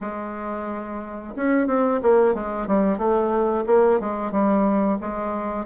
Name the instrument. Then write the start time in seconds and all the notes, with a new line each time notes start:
bassoon
0.00 G#3
1.35 C#4
1.67 C4
2.02 A#3
2.34 G#3
2.67 G3
2.98 A3
3.66 A#3
3.99 G#3
4.31 G3
5.01 G#3